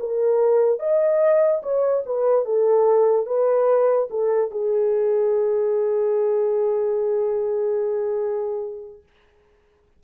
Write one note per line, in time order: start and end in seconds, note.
0.00 0.80 A#4
0.80 1.62 D#5
1.63 2.04 C#5
2.06 2.45 B4
2.45 3.27 A4
3.27 4.09 B4
4.11 4.51 A4
4.51 9.03 G#4